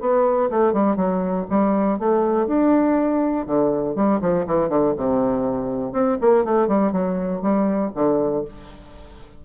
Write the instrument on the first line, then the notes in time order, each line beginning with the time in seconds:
bassoon
0.00 B3
0.50 A3
0.73 G3
0.96 F#3
1.50 G3
1.99 A3
2.47 D4
3.46 D3
3.95 G3
4.21 F3
4.46 E3
4.69 D3
4.97 C3
5.92 C4
6.21 A#3
6.44 A3
6.68 G3
6.92 F#3
7.42 G3
7.95 D3